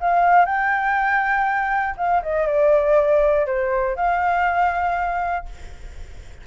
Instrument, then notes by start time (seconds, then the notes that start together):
flute
0.00 F5
0.45 G5
1.97 F5
2.22 D#5
2.46 D5
3.46 C5
3.96 F5